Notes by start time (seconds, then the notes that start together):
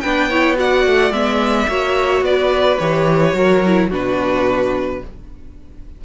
0.00 B3 D4 B4 G5
0.29 E4 C#5
0.55 F#4 D5 F#5
0.86 A3
1.11 G#3 B3 E5
1.67 A#3 F#4 C#5
2.21 B3 B4 D5
2.79 E3 G4 C#5
3.33 F#3 F#4 A#4
3.66 E4
3.89 B2 D4 F#4 B4